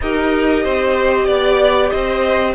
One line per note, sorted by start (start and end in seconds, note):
0.01 0.64 D#4
0.01 2.54 G4
0.01 0.63 A#4
0.01 1.28 D#5
0.63 1.27 C4
0.63 1.25 C5
1.25 1.91 B3
1.25 1.89 D5
1.25 1.90 D5
1.90 2.54 C4
1.90 2.54 C5
1.90 2.54 D#5